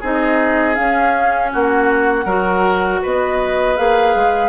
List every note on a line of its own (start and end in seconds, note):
0.00 0.77 C4
0.00 0.75 D#4
0.00 1.50 G#4
0.00 0.75 D#5
0.75 2.25 C#4
0.75 1.53 C#4
0.75 1.50 F5
1.52 2.25 A#3
1.52 2.25 F#4
1.52 3.04 F#5
2.25 3.00 F#3
2.25 3.77 F#4
2.25 3.00 A#4
3.02 3.78 B3
3.02 4.49 B4
3.02 3.76 D#5
3.76 4.15 A#3
3.76 4.49 G#4
3.76 4.49 F5
4.15 4.49 G#3